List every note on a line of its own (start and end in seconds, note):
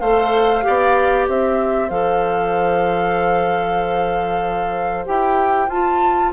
0.00 0.64 A3
0.00 0.62 A4
0.00 0.64 C5
0.00 1.26 F5
0.62 1.28 B3
0.62 1.89 G4
0.62 1.30 D5
1.28 1.90 C4
1.28 6.33 C5
1.28 1.90 E5
1.90 5.06 F3
1.90 5.05 A4
1.90 5.05 F5
5.05 5.68 E4
5.05 5.69 G4
5.05 5.70 G5
5.68 6.31 F4
5.68 6.33 F4
5.68 6.33 A5